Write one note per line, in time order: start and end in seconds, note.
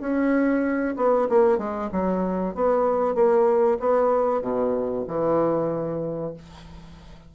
0.00 0.95 C#4
0.96 1.28 B3
1.29 1.58 A#3
1.58 1.89 G#3
1.92 2.55 F#3
2.55 3.15 B3
3.15 3.78 A#3
3.80 4.42 B3
4.42 5.05 B2
5.08 6.34 E3